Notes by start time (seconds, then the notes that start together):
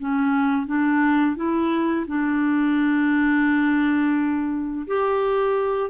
0.00 C#4
0.67 D4
1.36 E4
2.08 D4
4.87 G4